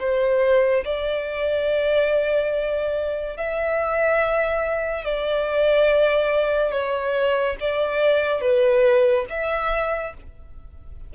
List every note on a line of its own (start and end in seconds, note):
0.00 0.85 C5
0.85 3.37 D5
3.37 5.05 E5
5.05 6.72 D5
6.72 7.56 C#5
7.60 8.41 D5
8.41 9.26 B4
9.30 10.14 E5